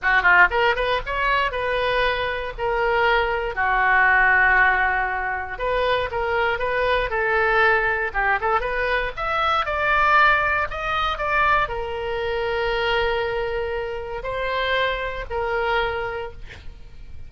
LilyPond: \new Staff \with { instrumentName = "oboe" } { \time 4/4 \tempo 4 = 118 fis'8 f'8 ais'8 b'8 cis''4 b'4~ | b'4 ais'2 fis'4~ | fis'2. b'4 | ais'4 b'4 a'2 |
g'8 a'8 b'4 e''4 d''4~ | d''4 dis''4 d''4 ais'4~ | ais'1 | c''2 ais'2 | }